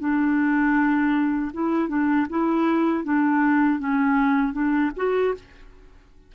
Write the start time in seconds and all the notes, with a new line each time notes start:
0.00 D4
1.54 E4
1.89 D4
2.30 E4
3.05 D4
3.79 C#4
4.53 D4
4.97 F#4